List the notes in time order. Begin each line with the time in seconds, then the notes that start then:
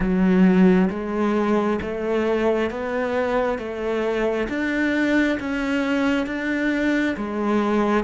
0.00 F#3
0.90 G#3
1.81 A3
2.70 B3
3.58 A3
4.49 D4
5.39 C#4
6.26 D4
7.16 G#3